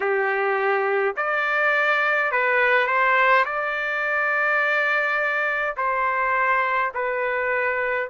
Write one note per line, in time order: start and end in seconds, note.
0.00 1.15 G4
1.16 2.31 D5
2.31 2.86 B4
2.86 3.44 C5
3.45 5.75 D5
5.76 6.92 C5
6.94 8.09 B4